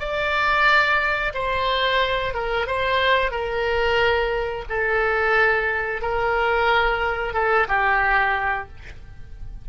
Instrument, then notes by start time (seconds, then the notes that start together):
oboe
0.00 D5
1.34 C5
2.35 A#4
2.67 C5
3.32 A#4
4.70 A4
6.02 A#4
7.34 A4
7.68 G4